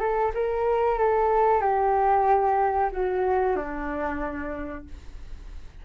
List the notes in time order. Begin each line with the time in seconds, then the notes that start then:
0.00 A4
0.35 A#4
0.99 A4
1.62 G4
2.92 F#4
3.56 D4